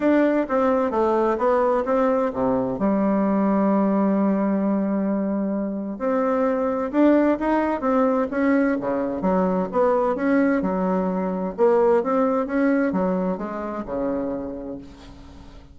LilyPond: \new Staff \with { instrumentName = "bassoon" } { \time 4/4 \tempo 4 = 130 d'4 c'4 a4 b4 | c'4 c4 g2~ | g1~ | g4 c'2 d'4 |
dis'4 c'4 cis'4 cis4 | fis4 b4 cis'4 fis4~ | fis4 ais4 c'4 cis'4 | fis4 gis4 cis2 | }